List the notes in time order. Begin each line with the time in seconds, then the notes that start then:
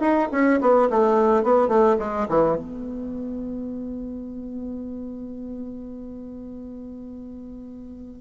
0.00 D#4
0.31 C#4
0.60 B3
0.90 A3
1.43 B3
1.68 A3
1.99 G#3
2.29 E3
2.56 B3